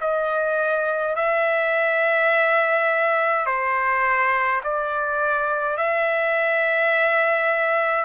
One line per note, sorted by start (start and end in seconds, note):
0.00 1.15 D#5
1.15 3.46 E5
3.46 4.61 C5
4.63 5.77 D5
5.77 8.05 E5